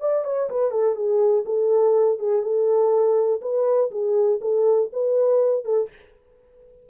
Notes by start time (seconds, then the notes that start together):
0.00 D5
0.25 C#5
0.50 B4
0.71 A4
0.95 G#4
1.45 A4
2.19 G#4
2.42 A4
3.41 B4
3.91 G#4
4.41 A4
4.92 B4
5.64 A4